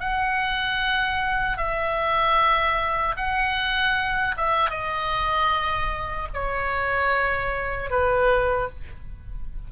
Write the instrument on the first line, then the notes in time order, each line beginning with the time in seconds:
oboe
0.00 F#5
1.58 E5
3.17 F#5
4.37 E5
4.70 D#5
6.34 C#5
7.90 B4